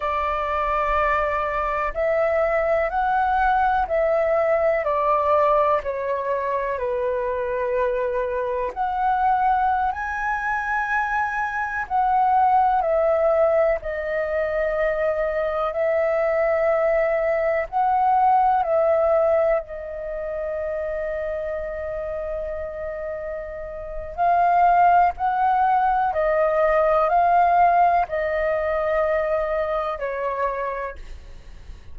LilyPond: \new Staff \with { instrumentName = "flute" } { \time 4/4 \tempo 4 = 62 d''2 e''4 fis''4 | e''4 d''4 cis''4 b'4~ | b'4 fis''4~ fis''16 gis''4.~ gis''16~ | gis''16 fis''4 e''4 dis''4.~ dis''16~ |
dis''16 e''2 fis''4 e''8.~ | e''16 dis''2.~ dis''8.~ | dis''4 f''4 fis''4 dis''4 | f''4 dis''2 cis''4 | }